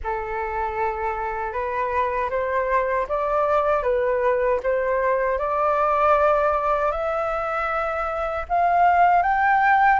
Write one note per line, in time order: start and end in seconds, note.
0.03 1.52 A4
1.52 2.29 B4
2.30 3.07 C5
3.08 3.83 D5
3.83 4.59 B4
4.63 5.38 C5
5.38 6.91 D5
6.91 8.45 E5
8.48 9.22 F5
9.22 9.99 G5